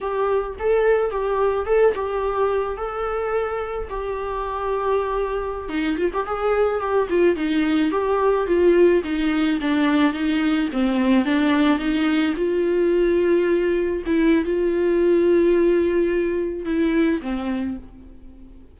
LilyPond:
\new Staff \with { instrumentName = "viola" } { \time 4/4 \tempo 4 = 108 g'4 a'4 g'4 a'8 g'8~ | g'4 a'2 g'4~ | g'2~ g'16 dis'8 f'16 g'16 gis'8.~ | gis'16 g'8 f'8 dis'4 g'4 f'8.~ |
f'16 dis'4 d'4 dis'4 c'8.~ | c'16 d'4 dis'4 f'4.~ f'16~ | f'4~ f'16 e'8. f'2~ | f'2 e'4 c'4 | }